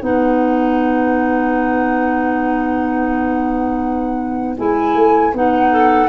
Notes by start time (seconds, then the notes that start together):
0.00 B3 D#4 B4 F#5
4.57 G#3 E4 G#5
4.95 A3
5.33 B3 D#4 F#5
5.71 A4